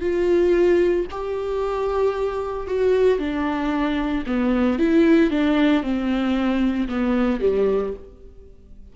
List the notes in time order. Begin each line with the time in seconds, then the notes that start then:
0.00 F4
1.11 G4
2.67 F#4
3.18 D4
4.26 B3
4.78 E4
5.30 D4
5.82 C4
6.88 B3
7.40 G3